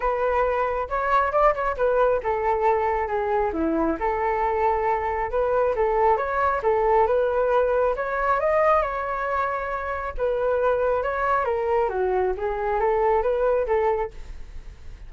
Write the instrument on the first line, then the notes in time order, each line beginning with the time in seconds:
flute
0.00 B4
0.89 C#5
1.31 D5
1.54 C#5
1.76 B4
2.23 A4
3.07 G#4
3.53 E4
3.99 A4
5.30 B4
5.75 A4
6.17 C#5
6.62 A4
7.06 B4
7.96 C#5
8.39 D#5
8.81 C#5
10.17 B4
11.03 C#5
11.44 A#4
11.89 F#4
12.37 G#4
12.80 A4
13.22 B4
13.66 A4